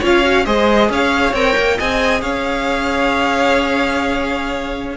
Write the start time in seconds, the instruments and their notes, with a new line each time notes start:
0.00 cello C#4, viola F4, violin C#5 F5
0.23 viola F#4
0.45 cello G#3, viola G#4, violin C5 D#5
0.90 cello C#4, violin C#5 F5
1.34 cello C4, viola A#4, violin G5
1.57 cello A#3
1.77 cello C4, viola G#4, violin D#5 G#5
2.22 cello C#4, violin C#5 F5